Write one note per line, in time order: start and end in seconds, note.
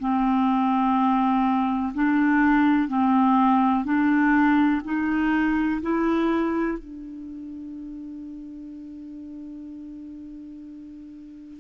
0.00 1.94 C4
1.95 2.89 D4
2.89 3.85 C4
3.85 4.82 D4
4.85 5.82 D#4
5.82 6.79 E4
6.79 11.61 D4